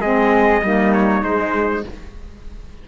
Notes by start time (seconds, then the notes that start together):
0.00 G#3 C4 G#4 D#5
0.62 G3 A#3 D#4
0.93 C#5
1.22 G#3 C5